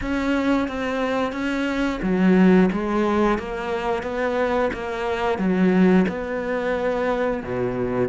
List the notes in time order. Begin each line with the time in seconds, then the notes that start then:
0.01 C#4
0.67 C4
1.32 C#4
2.02 F#3
2.72 G#3
3.38 A#3
4.03 B3
4.73 A#3
5.38 F#3
6.08 B3
7.43 B2